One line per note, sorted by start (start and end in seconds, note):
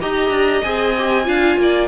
0.00 0.30 D#4
0.00 0.63 G4
0.00 1.27 D#5
0.00 0.62 A#5
0.30 0.61 D4
0.62 1.27 C4
0.62 0.96 G#4
0.62 1.88 G#5
0.98 1.24 G4
1.24 1.57 D4
1.24 1.87 F4
1.24 1.59 F5
1.57 1.88 A#3
1.57 1.88 D5